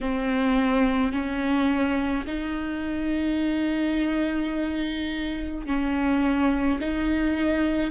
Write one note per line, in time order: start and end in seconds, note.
0.00 1.12 C4
1.12 2.25 C#4
2.26 5.66 D#4
5.66 6.79 C#4
6.80 7.90 D#4